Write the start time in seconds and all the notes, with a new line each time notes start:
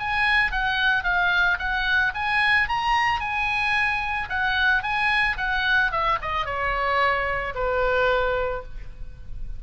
0.00 G#5
0.52 F#5
1.04 F5
1.59 F#5
2.15 G#5
2.69 A#5
3.21 G#5
4.30 F#5
4.83 G#5
5.38 F#5
5.92 E5
6.22 D#5
6.46 C#5
7.55 B4